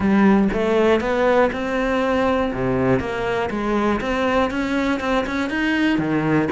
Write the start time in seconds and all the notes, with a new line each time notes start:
0.00 G3
0.53 A3
1.00 B3
1.52 C4
2.53 C3
2.99 A#3
3.50 G#3
4.00 C4
4.50 C#4
5.00 C4
5.26 C#4
5.49 D#4
5.98 D#3